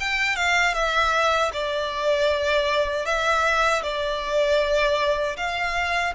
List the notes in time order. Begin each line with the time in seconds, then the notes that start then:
0.00 G5
0.36 F5
0.74 E5
1.53 D5
3.06 E5
3.83 D5
5.37 F5